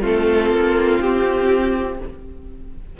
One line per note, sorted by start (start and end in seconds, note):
0.00 0.50 A3
0.00 1.97 C4
0.00 1.97 F4
0.00 1.00 A4
0.50 0.99 A#3
1.00 1.99 C4
1.00 1.99 G4